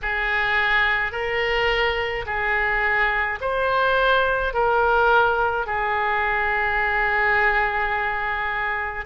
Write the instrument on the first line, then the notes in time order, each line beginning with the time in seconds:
oboe
0.02 G#4
1.12 A#4
2.26 G#4
3.40 C5
4.53 A#4
5.66 G#4